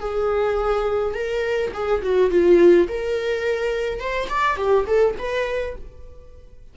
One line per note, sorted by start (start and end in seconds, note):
0.00 1.14 G#4
1.15 1.72 A#4
1.74 2.02 G#4
2.02 2.30 F#4
2.30 2.88 F4
2.89 4.00 A#4
4.00 4.29 C5
4.29 4.57 D5
4.57 4.85 G4
4.87 5.15 A4
5.19 5.76 B4